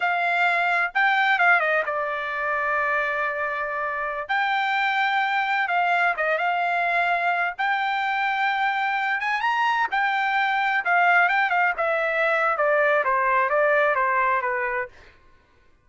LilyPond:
\new Staff \with { instrumentName = "trumpet" } { \time 4/4 \tempo 4 = 129 f''2 g''4 f''8 dis''8 | d''1~ | d''4~ d''16 g''2~ g''8.~ | g''16 f''4 dis''8 f''2~ f''16~ |
f''16 g''2.~ g''8 gis''16~ | gis''16 ais''4 g''2 f''8.~ | f''16 g''8 f''8 e''4.~ e''16 d''4 | c''4 d''4 c''4 b'4 | }